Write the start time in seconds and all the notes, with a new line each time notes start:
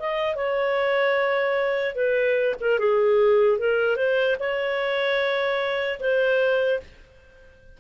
0.00 D#5
0.36 C#5
1.96 B4
2.60 A#4
2.79 G#4
3.59 A#4
3.96 C5
4.40 C#5
6.00 C5